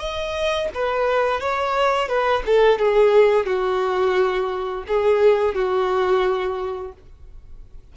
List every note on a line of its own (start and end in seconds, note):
0.00 0.69 D#5
0.75 1.41 B4
1.41 2.09 C#5
2.09 2.43 B4
2.46 2.79 A4
2.79 3.46 G#4
3.46 4.84 F#4
4.88 5.55 G#4
5.55 6.93 F#4